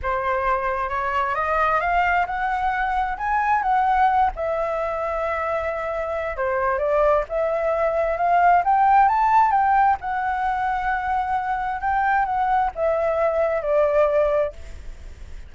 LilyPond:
\new Staff \with { instrumentName = "flute" } { \time 4/4 \tempo 4 = 132 c''2 cis''4 dis''4 | f''4 fis''2 gis''4 | fis''4. e''2~ e''8~ | e''2 c''4 d''4 |
e''2 f''4 g''4 | a''4 g''4 fis''2~ | fis''2 g''4 fis''4 | e''2 d''2 | }